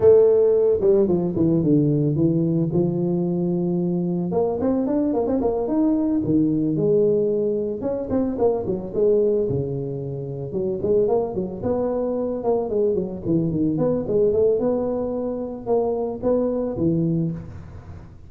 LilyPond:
\new Staff \with { instrumentName = "tuba" } { \time 4/4 \tempo 4 = 111 a4. g8 f8 e8 d4 | e4 f2. | ais8 c'8 d'8 ais16 c'16 ais8 dis'4 dis8~ | dis8 gis2 cis'8 c'8 ais8 |
fis8 gis4 cis2 fis8 | gis8 ais8 fis8 b4. ais8 gis8 | fis8 e8 dis8 b8 gis8 a8 b4~ | b4 ais4 b4 e4 | }